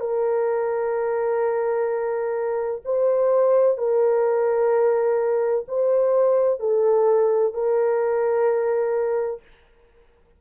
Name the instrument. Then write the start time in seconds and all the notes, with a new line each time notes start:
horn
0.00 A#4
2.84 C5
3.77 A#4
5.68 C5
6.59 A4
7.53 A#4